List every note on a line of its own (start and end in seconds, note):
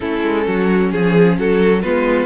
0.00 0.23 A3
0.00 1.82 C#4
0.00 0.46 E4
0.00 0.90 A4
0.23 0.46 G#3
0.46 0.92 F#3
0.46 0.91 F#4
0.91 1.38 F3
0.91 1.37 G#4
1.38 1.84 F#3
1.38 1.81 F#4
1.38 1.82 A4
1.81 2.25 G#3
1.81 2.25 B3
1.81 2.25 F4
1.81 2.25 B4